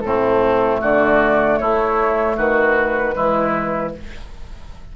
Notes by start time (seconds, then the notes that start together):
0.00 A2 A3 C4 A4
0.81 D3 F#4 D5
1.58 A3 E4 C#5
2.37 D#3 F#4 B4
3.12 G#3 E4
3.18 E3